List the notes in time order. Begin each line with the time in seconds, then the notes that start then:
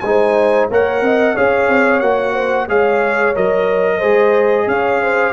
0.00 G#3 D#4 C5 G#5
0.70 A#3 A#4 C#5 F#5
1.01 C4 D#5
1.35 C#4 G#4 C#5 F5
1.68 C4
2.00 A#3 F#4 F#5
2.33 C5
2.68 G#3 G#4 C#5 F5
3.35 F#3 A#4 D#5
3.98 G#3 G#4 C5
4.67 C#4 C#5 F5
5.02 C5